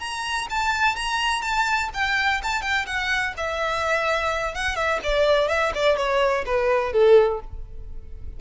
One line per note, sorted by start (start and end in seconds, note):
0.00 0.48 A#5
0.50 0.96 A5
0.96 1.42 A#5
1.42 1.90 A5
1.94 2.42 G5
2.43 2.62 A5
2.62 2.86 G5
2.86 3.34 F#5
3.37 4.55 E5
4.55 4.76 F#5
4.76 5.00 E5
5.03 5.48 D5
5.48 5.72 E5
5.75 5.97 D5
5.97 6.45 C#5
6.46 6.93 B4
6.93 7.40 A4